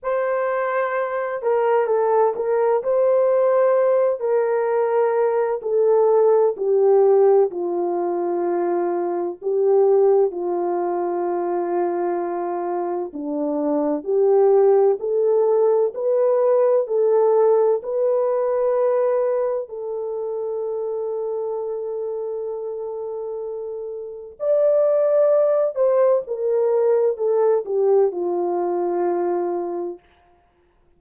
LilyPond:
\new Staff \with { instrumentName = "horn" } { \time 4/4 \tempo 4 = 64 c''4. ais'8 a'8 ais'8 c''4~ | c''8 ais'4. a'4 g'4 | f'2 g'4 f'4~ | f'2 d'4 g'4 |
a'4 b'4 a'4 b'4~ | b'4 a'2.~ | a'2 d''4. c''8 | ais'4 a'8 g'8 f'2 | }